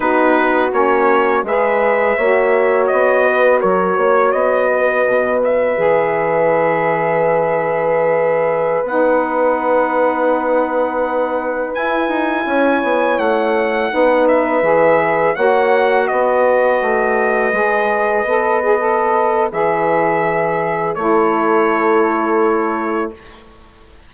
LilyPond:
<<
  \new Staff \with { instrumentName = "trumpet" } { \time 4/4 \tempo 4 = 83 b'4 cis''4 e''2 | dis''4 cis''4 dis''4. e''8~ | e''1~ | e''16 fis''2.~ fis''8.~ |
fis''16 gis''2 fis''4. e''16~ | e''4~ e''16 fis''4 dis''4.~ dis''16~ | dis''2. e''4~ | e''4 cis''2. | }
  \new Staff \with { instrumentName = "horn" } { \time 4/4 fis'2 b'4 cis''4~ | cis''8 b'8 ais'8 cis''4 b'4.~ | b'1~ | b'1~ |
b'4~ b'16 cis''2 b'8.~ | b'4~ b'16 cis''4 b'4.~ b'16~ | b'1~ | b'4 a'2. | }
  \new Staff \with { instrumentName = "saxophone" } { \time 4/4 dis'4 cis'4 gis'4 fis'4~ | fis'1 | gis'1~ | gis'16 dis'2.~ dis'8.~ |
dis'16 e'2. dis'8.~ | dis'16 gis'4 fis'2~ fis'8.~ | fis'16 gis'4 a'8 gis'16 a'4 gis'4~ | gis'4 e'2. | }
  \new Staff \with { instrumentName = "bassoon" } { \time 4/4 b4 ais4 gis4 ais4 | b4 fis8 ais8 b4 b,4 | e1~ | e16 b2.~ b8.~ |
b16 e'8 dis'8 cis'8 b8 a4 b8.~ | b16 e4 ais4 b4 a8.~ | a16 gis4 b4.~ b16 e4~ | e4 a2. | }
>>